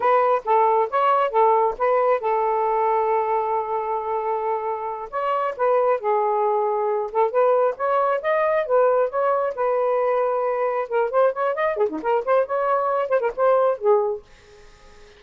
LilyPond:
\new Staff \with { instrumentName = "saxophone" } { \time 4/4 \tempo 4 = 135 b'4 a'4 cis''4 a'4 | b'4 a'2.~ | a'2.~ a'8 cis''8~ | cis''8 b'4 gis'2~ gis'8 |
a'8 b'4 cis''4 dis''4 b'8~ | b'8 cis''4 b'2~ b'8~ | b'8 ais'8 c''8 cis''8 dis''8 gis'16 dis'16 ais'8 c''8 | cis''4. c''16 ais'16 c''4 gis'4 | }